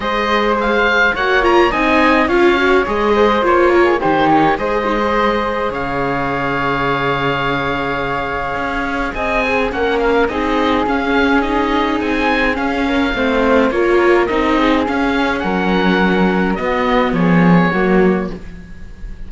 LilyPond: <<
  \new Staff \with { instrumentName = "oboe" } { \time 4/4 \tempo 4 = 105 dis''4 f''4 fis''8 ais''8 gis''4 | f''4 dis''4 cis''4 c''8 cis''8 | dis''2 f''2~ | f''1 |
gis''4 fis''8 f''8 dis''4 f''4 | dis''4 gis''4 f''2 | cis''4 dis''4 f''4 fis''4~ | fis''4 dis''4 cis''2 | }
  \new Staff \with { instrumentName = "flute" } { \time 4/4 c''2 cis''4 dis''4 | cis''4. c''4 ais'16 gis'16 g'4 | c''2 cis''2~ | cis''1 |
dis''8 gis'8 ais'4 gis'2~ | gis'2~ gis'8 ais'8 c''4 | ais'4. gis'4. ais'4~ | ais'4 fis'4 gis'4 fis'4 | }
  \new Staff \with { instrumentName = "viola" } { \time 4/4 gis'2 fis'8 f'8 dis'4 | f'8 fis'8 gis'4 f'4 dis'4 | gis'8 dis'16 gis'2.~ gis'16~ | gis'1~ |
gis'4 cis'4 dis'4 cis'4 | dis'2 cis'4 c'4 | f'4 dis'4 cis'2~ | cis'4 b2 ais4 | }
  \new Staff \with { instrumentName = "cello" } { \time 4/4 gis2 ais4 c'4 | cis'4 gis4 ais4 dis4 | gis2 cis2~ | cis2. cis'4 |
c'4 ais4 c'4 cis'4~ | cis'4 c'4 cis'4 a4 | ais4 c'4 cis'4 fis4~ | fis4 b4 f4 fis4 | }
>>